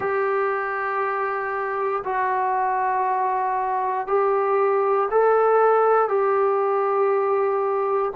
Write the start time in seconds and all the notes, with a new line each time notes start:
0.00 G4
2.04 F#4
4.07 G4
5.11 A4
6.08 G4